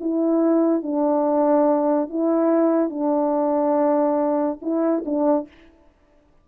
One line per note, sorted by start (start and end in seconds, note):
0.00 0.82 E4
0.82 2.09 D4
2.09 2.89 E4
2.89 4.58 D4
4.61 5.04 E4
5.05 5.47 D4